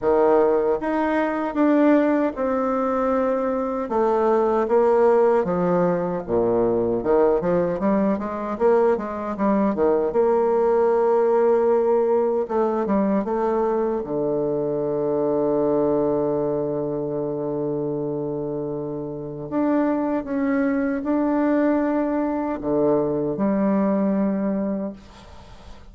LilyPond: \new Staff \with { instrumentName = "bassoon" } { \time 4/4 \tempo 4 = 77 dis4 dis'4 d'4 c'4~ | c'4 a4 ais4 f4 | ais,4 dis8 f8 g8 gis8 ais8 gis8 | g8 dis8 ais2. |
a8 g8 a4 d2~ | d1~ | d4 d'4 cis'4 d'4~ | d'4 d4 g2 | }